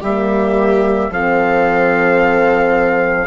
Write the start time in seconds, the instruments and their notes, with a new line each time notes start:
0.00 bassoon G3, horn A#3, viola G4, trumpet E5
1.10 bassoon F3, horn C4, viola A4, trumpet F5